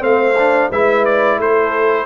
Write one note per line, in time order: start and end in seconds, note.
0.00 0.70 A3
0.00 0.34 C4
0.00 0.70 C5
0.00 0.71 F5
0.38 0.72 D4
0.70 1.39 G#3
0.70 2.06 E4
0.70 1.38 B4
0.70 1.05 E5
1.05 1.39 D5
1.39 2.06 A3
1.39 2.06 A4
1.39 2.06 C5